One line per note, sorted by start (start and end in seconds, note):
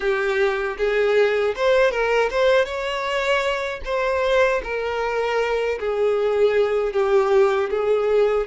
0.00 0.77 G4
0.77 1.54 G#4
1.56 1.91 C5
1.91 2.29 A#4
2.30 2.65 C5
2.65 3.80 C#5
3.85 4.62 C5
4.63 5.79 A#4
5.79 6.92 G#4
6.92 7.69 G4
7.70 8.46 G#4